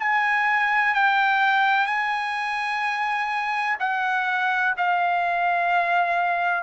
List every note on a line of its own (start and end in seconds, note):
0.00 0.94 G#5
0.94 1.87 G5
1.87 3.77 G#5
3.80 4.75 F#5
4.77 6.63 F5